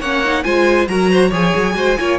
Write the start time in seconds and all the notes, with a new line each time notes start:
0.00 A#3 C#4 C#5 F#5
0.25 D#4
0.44 G#3 F4 C5 G#5
0.87 F#3 F#4 A#4 A#5
1.11 C5
1.30 F3 G#4 C#5 G#5
1.56 F#3
1.75 G#3 F#4 C5
1.99 A#3 F4 C#5